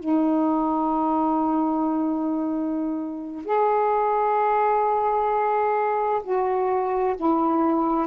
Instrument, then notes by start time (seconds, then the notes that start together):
saxophone
0.00 D#4
3.45 G#4
6.24 F#4
7.17 E4